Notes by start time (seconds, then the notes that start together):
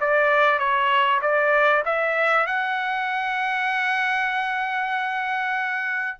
0.00 D5
0.58 C#5
1.21 D5
1.85 E5
2.46 F#5